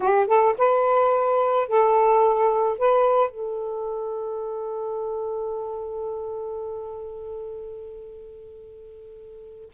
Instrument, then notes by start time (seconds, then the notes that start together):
saxophone
0.00 G4
0.27 A4
0.58 B4
1.68 A4
2.78 B4
3.30 A4